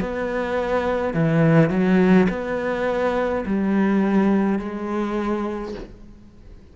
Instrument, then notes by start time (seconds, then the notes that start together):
cello
0.00 B3
1.14 E3
1.69 F#3
2.29 B3
3.45 G3
4.59 G#3